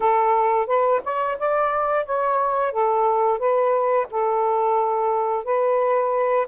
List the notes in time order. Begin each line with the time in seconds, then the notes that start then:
0.00 A4
0.67 B4
1.04 C#5
1.39 D5
2.05 C#5
2.71 A4
3.38 B4
4.10 A4
5.44 B4